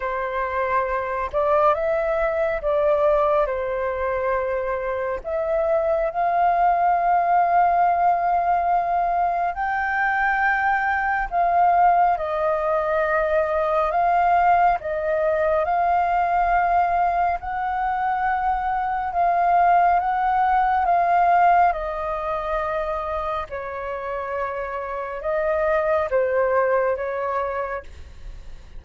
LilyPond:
\new Staff \with { instrumentName = "flute" } { \time 4/4 \tempo 4 = 69 c''4. d''8 e''4 d''4 | c''2 e''4 f''4~ | f''2. g''4~ | g''4 f''4 dis''2 |
f''4 dis''4 f''2 | fis''2 f''4 fis''4 | f''4 dis''2 cis''4~ | cis''4 dis''4 c''4 cis''4 | }